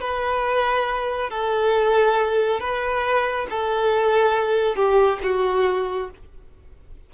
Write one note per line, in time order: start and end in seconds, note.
0.00 1.30 B4
1.30 2.60 A4
2.60 3.47 B4
3.50 4.75 A4
4.75 5.19 G4
5.23 6.09 F#4